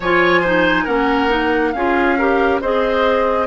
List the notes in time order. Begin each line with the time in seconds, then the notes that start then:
0.00 F3 F4 C#5 G#5
0.40 D#4 C5
0.84 A#3 C#4 A#4 F#5
1.29 D#4
1.72 C#4 F4 G#4 F5
2.18 G4 A#4
2.61 C4 G#4 C5 D#5